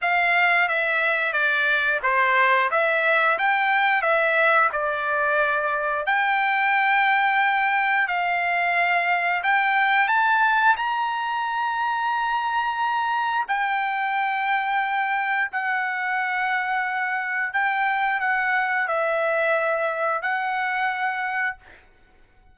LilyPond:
\new Staff \with { instrumentName = "trumpet" } { \time 4/4 \tempo 4 = 89 f''4 e''4 d''4 c''4 | e''4 g''4 e''4 d''4~ | d''4 g''2. | f''2 g''4 a''4 |
ais''1 | g''2. fis''4~ | fis''2 g''4 fis''4 | e''2 fis''2 | }